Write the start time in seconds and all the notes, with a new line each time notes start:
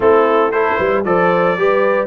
0.00 A3 C4 E4 A4
0.51 E4 A4 C5
0.77 G3 B4
1.04 F3 A4 C5 D5
1.57 G3 G4 B4